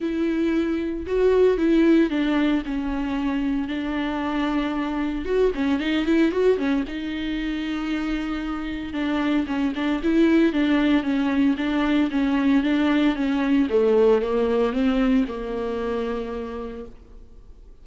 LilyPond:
\new Staff \with { instrumentName = "viola" } { \time 4/4 \tempo 4 = 114 e'2 fis'4 e'4 | d'4 cis'2 d'4~ | d'2 fis'8 cis'8 dis'8 e'8 | fis'8 cis'8 dis'2.~ |
dis'4 d'4 cis'8 d'8 e'4 | d'4 cis'4 d'4 cis'4 | d'4 cis'4 a4 ais4 | c'4 ais2. | }